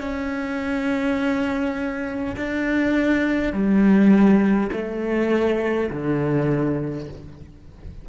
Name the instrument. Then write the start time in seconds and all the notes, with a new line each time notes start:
cello
0.00 C#4
2.36 D4
3.53 G3
4.72 A3
5.90 D3